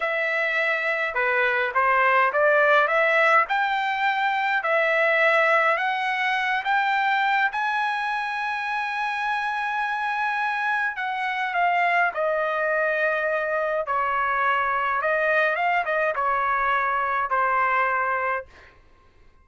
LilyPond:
\new Staff \with { instrumentName = "trumpet" } { \time 4/4 \tempo 4 = 104 e''2 b'4 c''4 | d''4 e''4 g''2 | e''2 fis''4. g''8~ | g''4 gis''2.~ |
gis''2. fis''4 | f''4 dis''2. | cis''2 dis''4 f''8 dis''8 | cis''2 c''2 | }